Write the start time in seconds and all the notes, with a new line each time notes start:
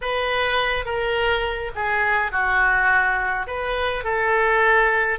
0.01 B4
0.85 A#4
1.75 G#4
2.31 F#4
3.46 B4
4.04 A4